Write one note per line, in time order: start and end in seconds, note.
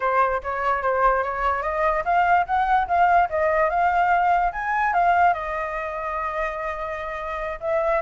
0.00 0.41 C5
0.43 0.82 C#5
0.82 1.23 C5
1.23 1.62 C#5
1.62 2.03 D#5
2.05 2.46 F5
2.46 2.87 F#5
2.87 3.28 F5
3.29 3.69 D#5
3.69 4.51 F5
4.52 4.93 G#5
4.93 5.33 F5
5.33 7.59 D#5
7.60 8.01 E5